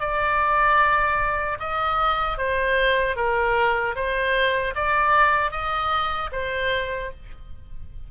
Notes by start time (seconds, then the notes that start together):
0.00 D5
1.60 D#5
2.38 C5
3.16 A#4
3.95 C5
4.75 D5
5.51 D#5
6.32 C5